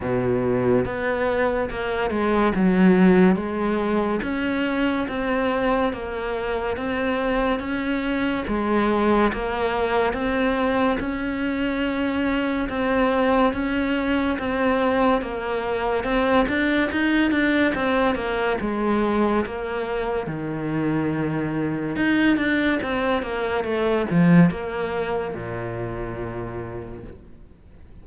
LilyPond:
\new Staff \with { instrumentName = "cello" } { \time 4/4 \tempo 4 = 71 b,4 b4 ais8 gis8 fis4 | gis4 cis'4 c'4 ais4 | c'4 cis'4 gis4 ais4 | c'4 cis'2 c'4 |
cis'4 c'4 ais4 c'8 d'8 | dis'8 d'8 c'8 ais8 gis4 ais4 | dis2 dis'8 d'8 c'8 ais8 | a8 f8 ais4 ais,2 | }